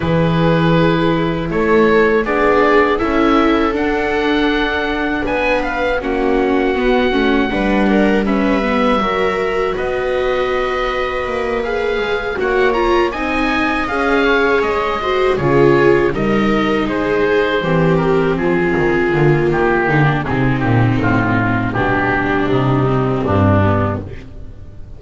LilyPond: <<
  \new Staff \with { instrumentName = "oboe" } { \time 4/4 \tempo 4 = 80 b'2 cis''4 d''4 | e''4 fis''2 gis''8 f''8 | fis''2. e''4~ | e''4 dis''2~ dis''8 f''8~ |
f''8 fis''8 ais''8 gis''4 f''4 dis''8~ | dis''8 cis''4 dis''4 c''4. | ais'8 gis'4. g'4 gis'8 g'8 | f'4 g'4 dis'4 d'4 | }
  \new Staff \with { instrumentName = "viola" } { \time 4/4 gis'2 a'4 gis'4 | a'2. b'4 | fis'2 b'8 ais'8 b'4 | ais'4 b'2.~ |
b'8 cis''4 dis''4. cis''4 | c''8 gis'4 ais'4 gis'4 g'8~ | g'8 f'2 dis'16 d'16 dis'4~ | dis'4 d'4. c'4 b8 | }
  \new Staff \with { instrumentName = "viola" } { \time 4/4 e'2. d'4 | e'4 d'2. | cis'4 b8 cis'8 d'4 cis'8 b8 | fis'2.~ fis'8 gis'8~ |
gis'8 fis'8 f'8 dis'4 gis'4. | fis'8 f'4 dis'2 c'8~ | c'4. ais4. c'4~ | c'4 g2. | }
  \new Staff \with { instrumentName = "double bass" } { \time 4/4 e2 a4 b4 | cis'4 d'2 b4 | ais4 b8 a8 g2 | fis4 b2 ais4 |
gis8 ais4 c'4 cis'4 gis8~ | gis8 cis4 g4 gis4 e8~ | e8 f8 dis8 d8 dis8 d8 c8 ais,8 | a,4 b,4 c4 g,4 | }
>>